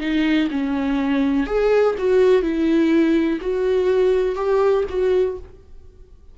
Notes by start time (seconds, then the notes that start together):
0.00 D#4
0.51 C#4
1.46 G#4
1.98 F#4
2.42 E4
3.40 F#4
4.35 G4
4.89 F#4